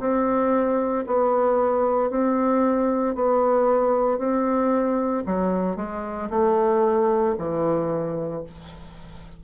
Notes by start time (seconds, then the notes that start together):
0.00 C4
1.07 B3
2.11 C4
3.15 B3
4.18 C4
5.26 F#3
5.77 G#3
6.30 A3
7.38 E3